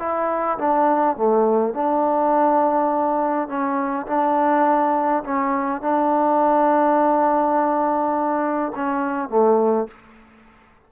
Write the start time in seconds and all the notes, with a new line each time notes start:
0.00 E4
0.59 D4
1.17 A3
1.74 D4
3.49 C#4
4.07 D4
5.25 C#4
5.82 D4
8.76 C#4
9.30 A3